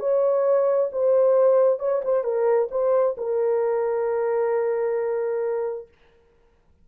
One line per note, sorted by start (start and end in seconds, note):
0.00 0.90 C#5
0.92 1.79 C5
1.79 2.02 C#5
2.05 2.24 C5
2.24 2.69 A#4
2.71 3.16 C5
3.18 5.88 A#4